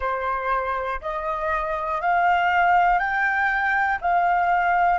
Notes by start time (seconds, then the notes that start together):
0.00 C5
1.01 D#5
2.01 F5
2.99 G5
4.01 F5